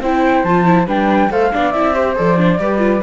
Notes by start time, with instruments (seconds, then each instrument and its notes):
0.00 cello C4, viola E4, flute C5 G5
0.44 cello F3, viola F4, flute A5
0.65 viola E4
0.86 cello G3, viola D4, flute B4 G5
1.30 cello A3, viola A4, flute C5 F5
1.53 cello B3, viola D4, flute D5
1.72 cello C4, viola E4, flute E5
1.95 viola G4, flute C5
2.16 cello F3, viola A4, flute D5
2.37 viola D4
2.59 cello G3, viola G4, flute B4
2.78 viola F4